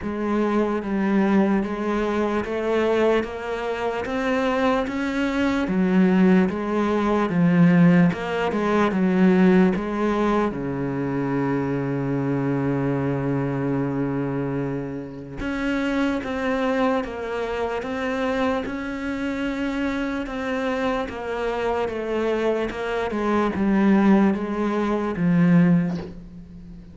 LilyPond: \new Staff \with { instrumentName = "cello" } { \time 4/4 \tempo 4 = 74 gis4 g4 gis4 a4 | ais4 c'4 cis'4 fis4 | gis4 f4 ais8 gis8 fis4 | gis4 cis2.~ |
cis2. cis'4 | c'4 ais4 c'4 cis'4~ | cis'4 c'4 ais4 a4 | ais8 gis8 g4 gis4 f4 | }